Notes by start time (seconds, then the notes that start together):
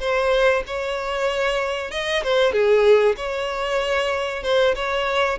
0.00 C5
0.67 C#5
1.91 D#5
2.23 C5
2.53 G#4
3.17 C#5
4.44 C5
4.75 C#5